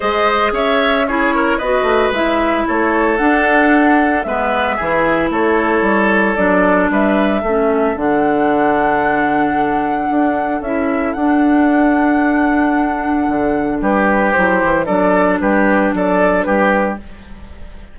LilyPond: <<
  \new Staff \with { instrumentName = "flute" } { \time 4/4 \tempo 4 = 113 dis''4 e''4 cis''4 dis''4 | e''4 cis''4 fis''2 | e''2 cis''2 | d''4 e''2 fis''4~ |
fis''1 | e''4 fis''2.~ | fis''2 b'4 c''4 | d''4 b'4 d''4 b'4 | }
  \new Staff \with { instrumentName = "oboe" } { \time 4/4 c''4 cis''4 gis'8 ais'8 b'4~ | b'4 a'2. | b'4 gis'4 a'2~ | a'4 b'4 a'2~ |
a'1~ | a'1~ | a'2 g'2 | a'4 g'4 a'4 g'4 | }
  \new Staff \with { instrumentName = "clarinet" } { \time 4/4 gis'2 e'4 fis'4 | e'2 d'2 | b4 e'2. | d'2 cis'4 d'4~ |
d'1 | e'4 d'2.~ | d'2. e'4 | d'1 | }
  \new Staff \with { instrumentName = "bassoon" } { \time 4/4 gis4 cis'2 b8 a8 | gis4 a4 d'2 | gis4 e4 a4 g4 | fis4 g4 a4 d4~ |
d2. d'4 | cis'4 d'2.~ | d'4 d4 g4 fis8 e8 | fis4 g4 fis4 g4 | }
>>